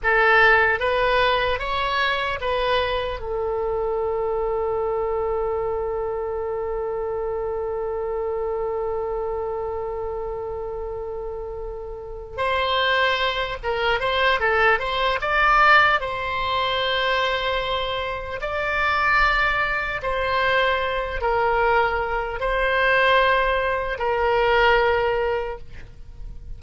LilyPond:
\new Staff \with { instrumentName = "oboe" } { \time 4/4 \tempo 4 = 75 a'4 b'4 cis''4 b'4 | a'1~ | a'1~ | a'2.~ a'8 c''8~ |
c''4 ais'8 c''8 a'8 c''8 d''4 | c''2. d''4~ | d''4 c''4. ais'4. | c''2 ais'2 | }